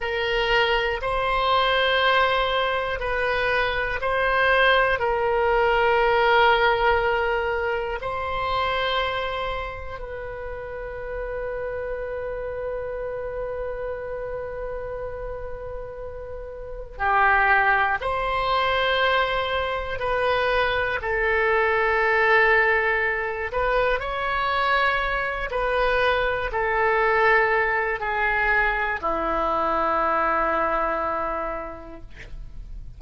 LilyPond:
\new Staff \with { instrumentName = "oboe" } { \time 4/4 \tempo 4 = 60 ais'4 c''2 b'4 | c''4 ais'2. | c''2 b'2~ | b'1~ |
b'4 g'4 c''2 | b'4 a'2~ a'8 b'8 | cis''4. b'4 a'4. | gis'4 e'2. | }